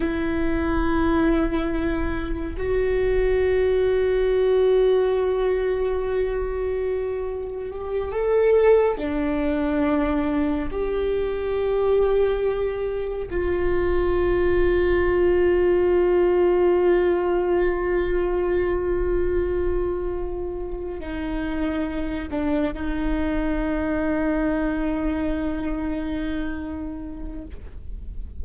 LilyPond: \new Staff \with { instrumentName = "viola" } { \time 4/4 \tempo 4 = 70 e'2. fis'4~ | fis'1~ | fis'4 g'8 a'4 d'4.~ | d'8 g'2. f'8~ |
f'1~ | f'1~ | f'8 dis'4. d'8 dis'4.~ | dis'1 | }